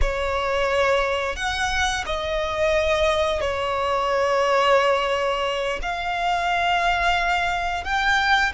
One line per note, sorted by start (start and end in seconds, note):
0.01 1.36 C#5
1.36 2.04 F#5
2.05 3.41 D#5
3.41 5.79 C#5
5.82 7.84 F5
7.84 8.52 G5